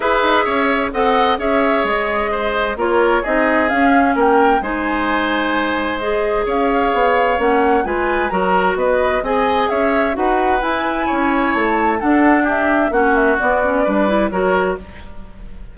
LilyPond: <<
  \new Staff \with { instrumentName = "flute" } { \time 4/4 \tempo 4 = 130 e''2 fis''4 e''4 | dis''2 cis''4 dis''4 | f''4 g''4 gis''2~ | gis''4 dis''4 f''2 |
fis''4 gis''4 ais''4 dis''4 | gis''4 e''4 fis''4 gis''4~ | gis''4 a''4 fis''4 e''4 | fis''8 e''8 d''2 cis''4 | }
  \new Staff \with { instrumentName = "oboe" } { \time 4/4 b'4 cis''4 dis''4 cis''4~ | cis''4 c''4 ais'4 gis'4~ | gis'4 ais'4 c''2~ | c''2 cis''2~ |
cis''4 b'4 ais'4 b'4 | dis''4 cis''4 b'2 | cis''2 a'4 g'4 | fis'2 b'4 ais'4 | }
  \new Staff \with { instrumentName = "clarinet" } { \time 4/4 gis'2 a'4 gis'4~ | gis'2 f'4 dis'4 | cis'2 dis'2~ | dis'4 gis'2. |
cis'4 f'4 fis'2 | gis'2 fis'4 e'4~ | e'2 d'2 | cis'4 b8 cis'8 d'8 e'8 fis'4 | }
  \new Staff \with { instrumentName = "bassoon" } { \time 4/4 e'8 dis'8 cis'4 c'4 cis'4 | gis2 ais4 c'4 | cis'4 ais4 gis2~ | gis2 cis'4 b4 |
ais4 gis4 fis4 b4 | c'4 cis'4 dis'4 e'4 | cis'4 a4 d'2 | ais4 b4 g4 fis4 | }
>>